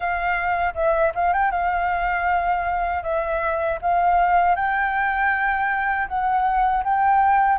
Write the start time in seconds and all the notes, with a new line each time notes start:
0.00 F5
0.74 E5
1.14 F5
1.33 G5
1.51 F5
3.02 E5
3.81 F5
4.55 G5
6.08 F#5
6.84 G5